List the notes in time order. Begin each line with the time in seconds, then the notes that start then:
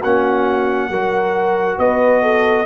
0.00 A#3 C#4 F#4 F#5
0.89 F#3 F#4 A#4
1.78 B3 B4 D#5
2.22 A4